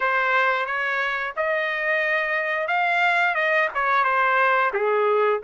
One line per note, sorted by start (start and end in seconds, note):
0.00 0.66 C5
0.66 1.33 C#5
1.36 2.67 D#5
2.67 3.35 F5
3.35 3.68 D#5
3.74 4.04 C#5
4.04 4.71 C5
4.73 5.40 G#4